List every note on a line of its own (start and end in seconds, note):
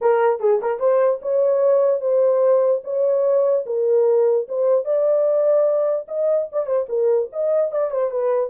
0.01 0.40 A#4
0.40 0.60 G#4
0.61 0.79 A#4
0.79 1.20 C5
1.22 2.00 C#5
2.00 2.81 C5
2.84 3.65 C#5
3.66 4.47 A#4
4.48 4.84 C5
4.84 6.06 D5
6.07 6.48 D#5
6.52 6.66 D5
6.66 6.86 C5
6.88 7.29 A#4
7.32 7.71 D#5
7.71 7.91 D5
7.91 8.10 C5
8.10 8.50 B4